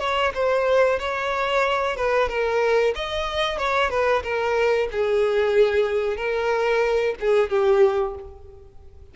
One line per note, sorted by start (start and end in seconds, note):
0.00 0.33 C#5
0.35 1.00 C5
1.00 1.97 C#5
1.97 2.29 B4
2.29 2.94 A#4
2.96 3.59 D#5
3.59 3.90 C#5
3.90 4.23 B4
4.24 4.89 A#4
4.92 6.17 G#4
6.17 7.15 A#4
7.21 7.50 G#4
7.50 8.15 G4